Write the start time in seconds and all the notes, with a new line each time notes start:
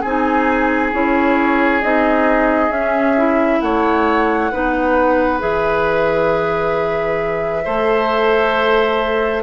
0.00 C4 D#4 G#4 G#5
0.92 C#4 E4 C#5
1.82 C4 D#4 D#5
2.69 C#4 E5
3.16 E4
3.60 A3 C#5 F#5
4.51 B3 D#4 B4
5.39 E3 G#4 E5
7.64 A3 A4 C5